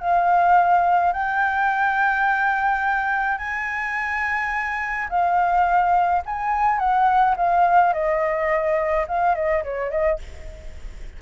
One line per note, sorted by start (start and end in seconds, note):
0.00 1.13 F5
1.13 3.38 G5
3.38 5.08 G#5
5.09 6.23 F5
6.26 6.79 G#5
6.79 7.36 F#5
7.37 7.94 F5
7.94 9.07 D#5
9.08 9.35 F5
9.35 9.64 D#5
9.64 9.91 C#5
9.91 10.19 D#5